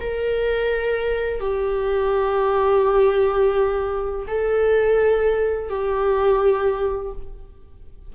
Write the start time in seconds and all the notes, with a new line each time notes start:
0.00 A#4
1.40 G4
4.27 A4
5.69 G4